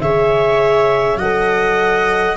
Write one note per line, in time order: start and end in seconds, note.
0.00 1.15 C#3
0.00 1.19 G#4
0.00 1.19 C#5
0.00 1.18 E5
1.15 2.33 F#3
1.15 2.36 A4
1.15 2.36 D#5
1.15 2.36 F#5